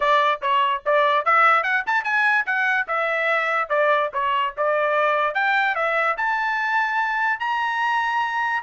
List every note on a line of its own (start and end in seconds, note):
0.00 0.41 D5
0.41 0.82 C#5
0.85 1.25 D5
1.25 1.63 E5
1.63 1.83 F#5
1.86 2.04 A5
2.04 2.45 G#5
2.45 2.87 F#5
2.87 3.69 E5
3.69 4.10 D5
4.13 4.54 C#5
4.57 5.34 D5
5.34 5.75 G5
5.75 6.16 E5
6.17 7.39 A5
7.39 8.62 A#5